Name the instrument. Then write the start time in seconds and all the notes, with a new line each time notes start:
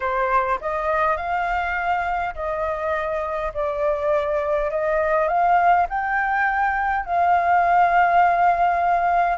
flute
0.00 C5
0.60 D#5
1.16 F5
2.34 D#5
3.54 D5
4.71 D#5
5.28 F5
5.89 G5
7.05 F5